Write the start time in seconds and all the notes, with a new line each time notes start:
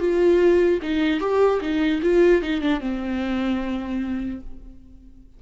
0.00 F4
0.82 D#4
1.20 G4
1.61 D#4
2.02 F4
2.43 D#4
2.61 D4
2.80 C4